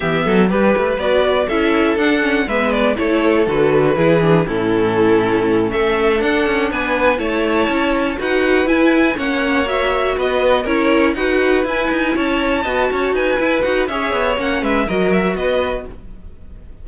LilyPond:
<<
  \new Staff \with { instrumentName = "violin" } { \time 4/4 \tempo 4 = 121 e''4 b'4 d''4 e''4 | fis''4 e''8 d''8 cis''4 b'4~ | b'4 a'2~ a'8 e''8~ | e''8 fis''4 gis''4 a''4.~ |
a''8 fis''4 gis''4 fis''4 e''8~ | e''8 dis''4 cis''4 fis''4 gis''8~ | gis''8 a''2 gis''4 fis''8 | e''4 fis''8 e''8 dis''8 e''8 dis''4 | }
  \new Staff \with { instrumentName = "violin" } { \time 4/4 g'8 a'8 b'2 a'4~ | a'4 b'4 a'2 | gis'4 e'2~ e'8 a'8~ | a'4. b'4 cis''4.~ |
cis''8 b'2 cis''4.~ | cis''8 b'4 ais'4 b'4.~ | b'8 cis''4 dis''8 cis''8 b'4. | cis''4. b'8 ais'4 b'4 | }
  \new Staff \with { instrumentName = "viola" } { \time 4/4 b4 g'4 fis'4 e'4 | d'8 cis'8 b4 e'4 fis'4 | e'8 d'8 cis'2.~ | cis'8 d'2 e'4.~ |
e'8 fis'4 e'4 cis'4 fis'8~ | fis'4. e'4 fis'4 e'8~ | e'4. fis'4. e'8 fis'8 | gis'4 cis'4 fis'2 | }
  \new Staff \with { instrumentName = "cello" } { \time 4/4 e8 fis8 g8 a8 b4 cis'4 | d'4 gis4 a4 d4 | e4 a,2~ a,8 a8~ | a8 d'8 cis'8 b4 a4 cis'8~ |
cis'8 dis'4 e'4 ais4.~ | ais8 b4 cis'4 dis'4 e'8 | dis'8 cis'4 b8 cis'8 dis'8 e'8 dis'8 | cis'8 b8 ais8 gis8 fis4 b4 | }
>>